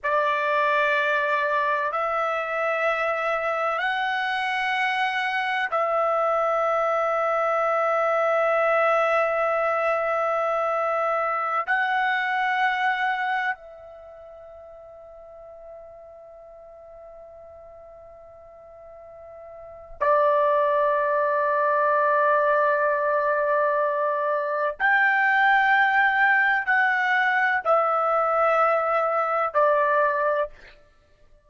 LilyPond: \new Staff \with { instrumentName = "trumpet" } { \time 4/4 \tempo 4 = 63 d''2 e''2 | fis''2 e''2~ | e''1~ | e''16 fis''2 e''4.~ e''16~ |
e''1~ | e''4 d''2.~ | d''2 g''2 | fis''4 e''2 d''4 | }